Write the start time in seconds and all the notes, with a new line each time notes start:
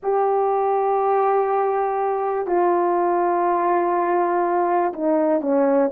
0.02 G4
2.46 F4
4.93 D#4
5.41 C#4